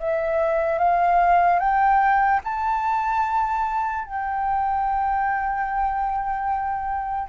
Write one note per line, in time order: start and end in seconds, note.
0.00 0.79 E5
0.79 1.59 F5
1.59 2.40 G5
2.44 4.05 A5
4.05 7.29 G5